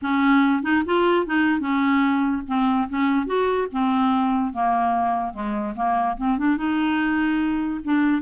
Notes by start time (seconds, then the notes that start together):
0.02 C#4
0.62 D#4
0.85 F4
1.26 D#4
1.60 C#4
2.47 C4
2.89 C#4
3.26 F#4
3.72 C4
4.53 A#3
5.33 G#3
5.75 A#3
6.17 C4
6.38 D4
6.57 D#4
7.84 D4